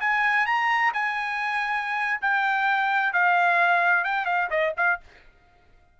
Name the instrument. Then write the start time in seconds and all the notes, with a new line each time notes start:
trumpet
0.00 G#5
0.46 A#5
0.93 G#5
2.21 G5
3.13 F5
4.04 G5
4.25 F5
4.50 D#5
4.76 F5